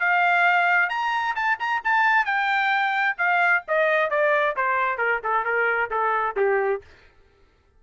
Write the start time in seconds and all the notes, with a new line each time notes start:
0.00 F5
0.90 A#5
1.36 A5
1.60 A#5
1.85 A5
2.25 G5
3.18 F5
3.68 D#5
4.11 D5
4.56 C5
4.98 A#4
5.24 A4
5.45 A#4
5.91 A4
6.36 G4